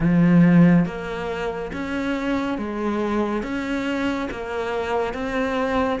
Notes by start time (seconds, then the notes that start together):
0.00 F3
0.85 A#3
1.73 C#4
2.58 G#3
3.42 C#4
4.31 A#3
5.14 C4